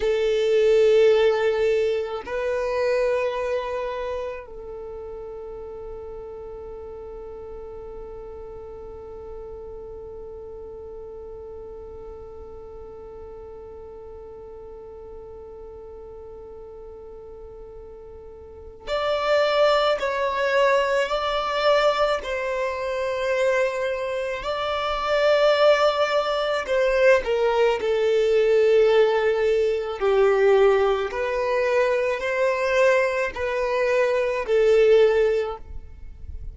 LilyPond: \new Staff \with { instrumentName = "violin" } { \time 4/4 \tempo 4 = 54 a'2 b'2 | a'1~ | a'1~ | a'1~ |
a'4 d''4 cis''4 d''4 | c''2 d''2 | c''8 ais'8 a'2 g'4 | b'4 c''4 b'4 a'4 | }